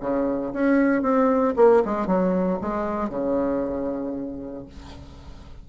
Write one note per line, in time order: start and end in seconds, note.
0.00 0.52 C#3
0.53 1.02 C#4
1.02 1.54 C4
1.56 1.82 A#3
1.85 2.06 G#3
2.06 2.58 F#3
2.61 3.09 G#3
3.09 4.66 C#3